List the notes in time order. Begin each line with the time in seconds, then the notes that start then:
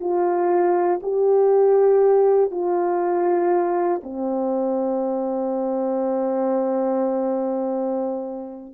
0.00 F4
1.03 G4
2.51 F4
4.04 C4